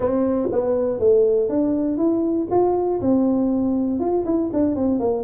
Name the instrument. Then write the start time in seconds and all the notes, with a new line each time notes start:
tuba
0.00 C4
0.52 B3
0.99 A3
1.49 D4
1.97 E4
2.50 F4
3.01 C4
3.99 F4
4.25 E4
4.53 D4
4.75 C4
4.99 A#3